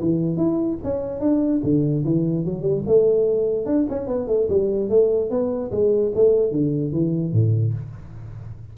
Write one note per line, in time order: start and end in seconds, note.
0.00 0.37 E3
0.37 0.77 E4
0.83 1.20 C#4
1.20 1.60 D4
1.63 2.04 D3
2.04 2.45 E3
2.45 2.61 F#3
2.61 2.82 G3
2.86 3.65 A3
3.65 3.86 D4
3.89 4.07 C#4
4.07 4.27 B3
4.27 4.47 A3
4.49 4.89 G3
4.89 5.30 A3
5.30 5.71 B3
5.71 6.12 G#3
6.14 6.51 A3
6.51 6.92 D3
6.92 7.32 E3
7.32 7.73 A2